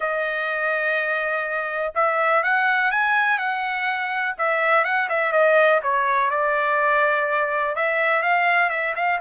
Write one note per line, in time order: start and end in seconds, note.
0.00 1.93 D#5
1.95 2.43 E5
2.43 2.91 F#5
2.91 3.38 G#5
3.38 4.35 F#5
4.38 4.84 E5
4.84 5.08 F#5
5.09 5.32 E5
5.32 5.80 D#5
5.82 6.30 C#5
6.30 7.75 D5
7.75 8.22 E5
8.22 8.69 F5
8.69 8.93 E5
8.95 9.19 F5